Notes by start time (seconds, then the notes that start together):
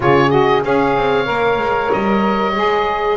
0.00 C#3 F4 G#4 C#5
0.30 F#4 D#5
0.64 C#4 G#4 C#5 F5
0.96 C4
1.24 A#3 A#4
1.58 G#3
1.92 G3 D#5
2.55 G#3 G#4